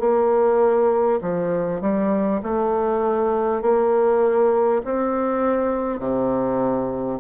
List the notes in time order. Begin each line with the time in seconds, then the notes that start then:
0.00 A#3
1.22 F3
1.81 G3
2.43 A3
3.62 A#3
4.84 C4
5.99 C3